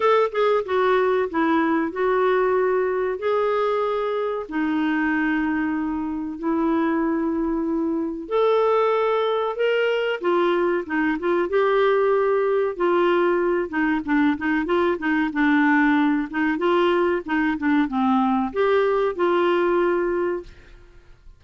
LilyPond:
\new Staff \with { instrumentName = "clarinet" } { \time 4/4 \tempo 4 = 94 a'8 gis'8 fis'4 e'4 fis'4~ | fis'4 gis'2 dis'4~ | dis'2 e'2~ | e'4 a'2 ais'4 |
f'4 dis'8 f'8 g'2 | f'4. dis'8 d'8 dis'8 f'8 dis'8 | d'4. dis'8 f'4 dis'8 d'8 | c'4 g'4 f'2 | }